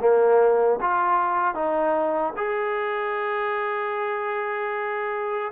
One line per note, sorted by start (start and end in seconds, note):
0.00 0.79 A#3
0.80 1.54 F4
1.54 2.33 D#4
2.36 5.52 G#4